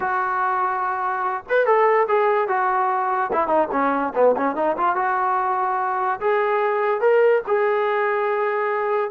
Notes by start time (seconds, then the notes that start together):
0.00 F#4
1.49 B4
1.66 A4
2.07 G#4
2.48 F#4
3.33 E4
3.47 D#4
3.71 C#4
4.14 B3
4.37 C#4
4.55 D#4
4.77 F4
4.95 F#4
6.20 G#4
7.00 A#4
7.47 G#4